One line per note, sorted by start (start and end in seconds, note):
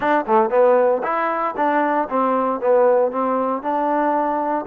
0.00 0.25 D4
0.26 0.50 A3
0.50 1.01 B3
1.03 1.54 E4
1.56 2.08 D4
2.09 2.60 C4
2.60 3.11 B3
3.11 3.62 C4
3.62 4.65 D4